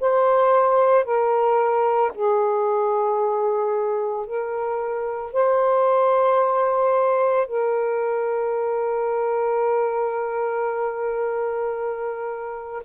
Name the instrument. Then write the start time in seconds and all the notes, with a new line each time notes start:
saxophone
0.00 C5
1.05 A#4
2.15 G#4
4.26 A#4
5.33 C5
7.47 A#4